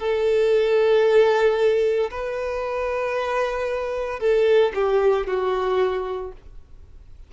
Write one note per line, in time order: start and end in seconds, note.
0.00 2.11 A4
2.11 4.20 B4
4.20 4.73 A4
4.75 5.27 G4
5.27 6.33 F#4